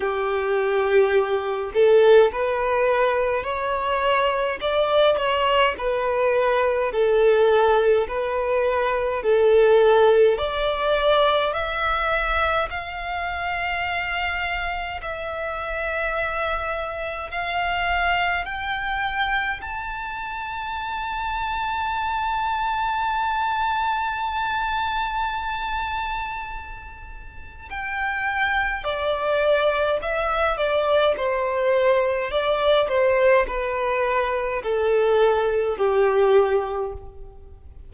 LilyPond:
\new Staff \with { instrumentName = "violin" } { \time 4/4 \tempo 4 = 52 g'4. a'8 b'4 cis''4 | d''8 cis''8 b'4 a'4 b'4 | a'4 d''4 e''4 f''4~ | f''4 e''2 f''4 |
g''4 a''2.~ | a''1 | g''4 d''4 e''8 d''8 c''4 | d''8 c''8 b'4 a'4 g'4 | }